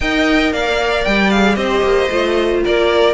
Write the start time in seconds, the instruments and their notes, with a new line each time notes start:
0.00 cello D#4, viola A#4, violin D#5 G5
0.53 cello A#3, violin D5 F5
1.04 cello G3, violin G5
1.30 viola G#4, violin F5
1.55 cello C4, viola G4, violin C5 D#5
1.82 cello A#3
2.09 cello A3, viola F4
2.64 cello A#3, violin A#4 D5